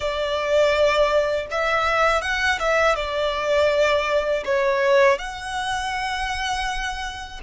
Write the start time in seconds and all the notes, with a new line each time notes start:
0.00 D5
1.51 E5
2.21 F#5
2.59 E5
2.95 D5
4.44 C#5
5.18 F#5